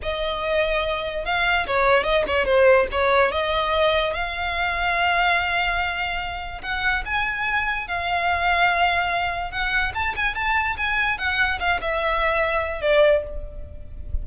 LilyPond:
\new Staff \with { instrumentName = "violin" } { \time 4/4 \tempo 4 = 145 dis''2. f''4 | cis''4 dis''8 cis''8 c''4 cis''4 | dis''2 f''2~ | f''1 |
fis''4 gis''2 f''4~ | f''2. fis''4 | a''8 gis''8 a''4 gis''4 fis''4 | f''8 e''2~ e''8 d''4 | }